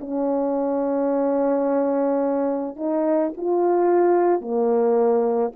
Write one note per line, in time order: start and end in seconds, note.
0.00 2.76 C#4
2.76 3.31 D#4
3.37 4.40 F4
4.40 5.52 A#3